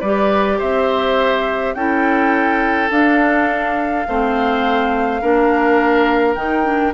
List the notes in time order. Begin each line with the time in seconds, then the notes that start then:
0.00 G3 G4 B4 D5
0.58 C4 C5 E5
1.74 C#4 E4 A4 G5
2.90 D4 F5
4.08 A3 C4 C5
5.21 A#3 D4 A#4
6.35 D#3 D#4 G5
6.64 D4